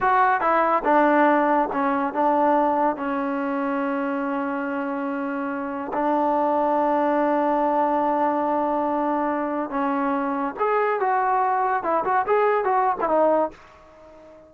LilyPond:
\new Staff \with { instrumentName = "trombone" } { \time 4/4 \tempo 4 = 142 fis'4 e'4 d'2 | cis'4 d'2 cis'4~ | cis'1~ | cis'2 d'2~ |
d'1~ | d'2. cis'4~ | cis'4 gis'4 fis'2 | e'8 fis'8 gis'4 fis'8. e'16 dis'4 | }